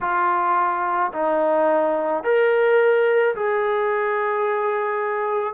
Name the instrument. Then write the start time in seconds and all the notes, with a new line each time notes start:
trombone
0.01 F4
1.12 D#4
2.23 A#4
3.35 G#4